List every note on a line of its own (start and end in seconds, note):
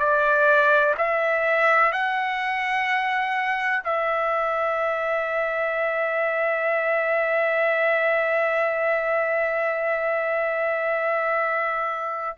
0.00 0.95 D5
0.98 1.93 E5
1.93 3.83 F#5
3.84 12.38 E5